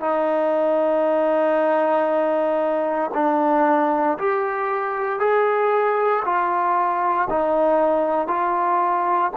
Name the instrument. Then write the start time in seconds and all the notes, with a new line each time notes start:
trombone
0.00 D#4
3.14 D4
4.18 G4
5.19 G#4
6.24 F4
7.29 D#4
8.27 F4